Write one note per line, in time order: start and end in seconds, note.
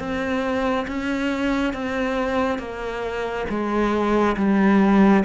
0.00 0.87 C4
0.88 1.74 C#4
1.74 2.59 C4
2.59 3.46 A#3
3.50 4.37 G#3
4.37 5.24 G3